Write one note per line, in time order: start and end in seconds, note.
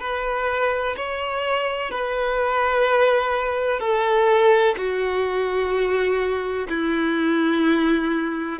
0.00 0.95 B4
0.96 1.90 C#5
1.90 3.80 B4
3.80 4.75 A4
4.77 6.68 F#4
6.68 8.58 E4